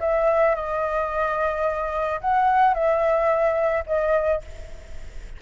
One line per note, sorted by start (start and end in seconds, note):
0.00 0.55 E5
0.55 2.20 D#5
2.21 2.74 F#5
2.74 3.84 E5
3.86 4.41 D#5